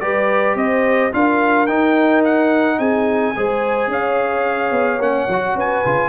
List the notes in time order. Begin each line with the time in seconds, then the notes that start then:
0.00 G3 G4 B4 D5
0.55 C4 C5 D#5
1.12 D4 F4 A#4 F5
1.66 D#4 G5
2.24 F#5
2.78 C4 G#4 G#5
3.36 G#3 G#4 C5
3.87 C#4 C#5 F5
4.71 B3
4.98 A#3 C#4 F#5
5.28 F#3 F#4
5.55 C#4 B4 G#5
5.85 C#3 F4